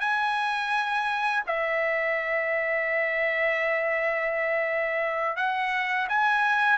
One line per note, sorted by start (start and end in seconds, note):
0.00 1.43 G#5
1.46 5.36 E5
5.36 6.07 F#5
6.08 6.78 G#5